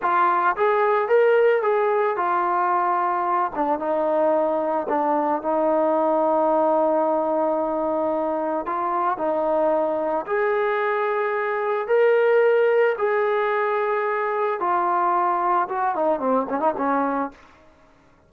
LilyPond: \new Staff \with { instrumentName = "trombone" } { \time 4/4 \tempo 4 = 111 f'4 gis'4 ais'4 gis'4 | f'2~ f'8 d'8 dis'4~ | dis'4 d'4 dis'2~ | dis'1 |
f'4 dis'2 gis'4~ | gis'2 ais'2 | gis'2. f'4~ | f'4 fis'8 dis'8 c'8 cis'16 dis'16 cis'4 | }